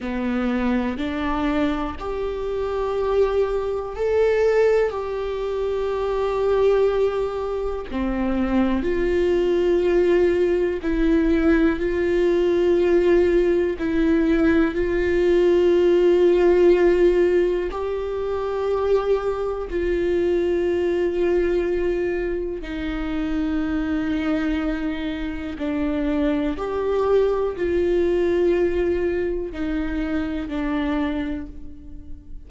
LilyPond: \new Staff \with { instrumentName = "viola" } { \time 4/4 \tempo 4 = 61 b4 d'4 g'2 | a'4 g'2. | c'4 f'2 e'4 | f'2 e'4 f'4~ |
f'2 g'2 | f'2. dis'4~ | dis'2 d'4 g'4 | f'2 dis'4 d'4 | }